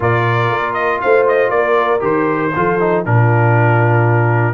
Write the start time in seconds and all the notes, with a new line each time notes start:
0.00 A#2 F4 A#4 D5
0.50 A#3
0.73 D#5
1.01 A3 C5 F5
1.28 D#5
1.49 A#3 A#4 D5
1.99 D#3 G4 C5
2.55 F3 F4 A4
2.79 D#4
3.05 A#2 D4 F4 A#4